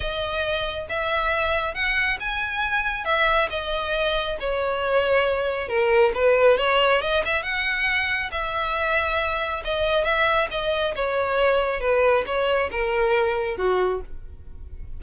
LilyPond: \new Staff \with { instrumentName = "violin" } { \time 4/4 \tempo 4 = 137 dis''2 e''2 | fis''4 gis''2 e''4 | dis''2 cis''2~ | cis''4 ais'4 b'4 cis''4 |
dis''8 e''8 fis''2 e''4~ | e''2 dis''4 e''4 | dis''4 cis''2 b'4 | cis''4 ais'2 fis'4 | }